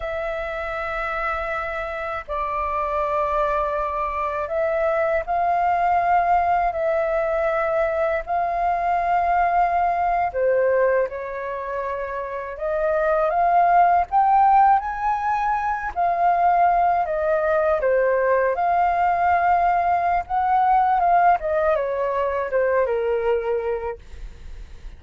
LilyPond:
\new Staff \with { instrumentName = "flute" } { \time 4/4 \tempo 4 = 80 e''2. d''4~ | d''2 e''4 f''4~ | f''4 e''2 f''4~ | f''4.~ f''16 c''4 cis''4~ cis''16~ |
cis''8. dis''4 f''4 g''4 gis''16~ | gis''4~ gis''16 f''4. dis''4 c''16~ | c''8. f''2~ f''16 fis''4 | f''8 dis''8 cis''4 c''8 ais'4. | }